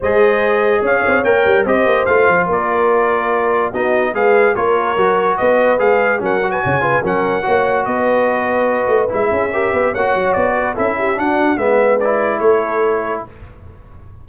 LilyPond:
<<
  \new Staff \with { instrumentName = "trumpet" } { \time 4/4 \tempo 4 = 145 dis''2 f''4 g''4 | dis''4 f''4 d''2~ | d''4 dis''4 f''4 cis''4~ | cis''4 dis''4 f''4 fis''8. gis''16~ |
gis''4 fis''2 dis''4~ | dis''2 e''2 | fis''4 d''4 e''4 fis''4 | e''4 d''4 cis''2 | }
  \new Staff \with { instrumentName = "horn" } { \time 4/4 c''2 cis''2 | c''2 ais'2~ | ais'4 fis'4 b'4 ais'4~ | ais'4 b'2 ais'8. b'16 |
cis''8 b'8 ais'4 cis''4 b'4~ | b'2~ b'8 gis'8 ais'8 b'8 | cis''4. b'8 a'8 g'8 fis'4 | b'2 a'2 | }
  \new Staff \with { instrumentName = "trombone" } { \time 4/4 gis'2. ais'4 | g'4 f'2.~ | f'4 dis'4 gis'4 f'4 | fis'2 gis'4 cis'8 fis'8~ |
fis'8 f'8 cis'4 fis'2~ | fis'2 e'4 g'4 | fis'2 e'4 d'4 | b4 e'2. | }
  \new Staff \with { instrumentName = "tuba" } { \time 4/4 gis2 cis'8 c'8 ais8 g8 | c'8 ais8 a8 f8 ais2~ | ais4 b4 gis4 ais4 | fis4 b4 gis4 fis4 |
cis4 fis4 ais4 b4~ | b4. a8 gis8 cis'4 b8 | ais8 fis8 b4 cis'4 d'4 | gis2 a2 | }
>>